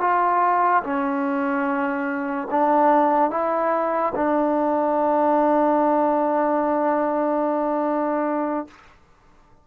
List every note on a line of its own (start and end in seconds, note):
0.00 0.82 F4
0.83 2.48 C#4
2.50 3.30 D4
3.30 4.12 E4
4.15 8.67 D4